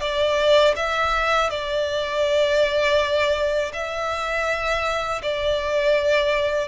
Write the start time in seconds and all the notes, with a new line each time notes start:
0.00 D5
0.75 E5
1.49 D5
3.73 E5
5.22 D5